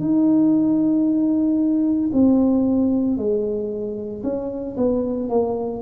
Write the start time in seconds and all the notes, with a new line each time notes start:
0.00 D#4
2.13 C4
3.18 G#3
4.23 C#4
4.77 B3
5.30 A#3